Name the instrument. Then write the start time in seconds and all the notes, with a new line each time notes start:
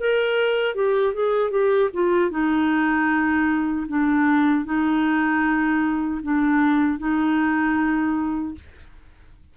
clarinet
0.00 A#4
0.75 G4
1.14 G#4
1.51 G4
1.94 F4
2.31 D#4
3.88 D4
4.65 D#4
6.23 D4
6.99 D#4